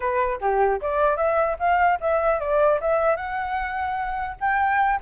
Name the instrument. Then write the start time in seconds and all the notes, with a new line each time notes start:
flute
0.00 B4
0.41 G4
0.81 D5
1.16 E5
1.59 F5
2.00 E5
2.39 D5
2.80 E5
3.16 F#5
4.40 G5